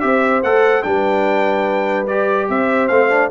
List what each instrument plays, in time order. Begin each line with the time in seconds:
0.00 tuba C4, trombone G4, horn C5, trumpet E5
0.43 tuba A3, trombone A4, trumpet F#5
0.83 tuba G3, trombone D4, horn B4, trumpet G5
2.07 trombone G4, trumpet D5
2.49 tuba C4, horn C5, trumpet E5
2.88 tuba A3, trombone C4, trumpet F5
3.10 trombone D4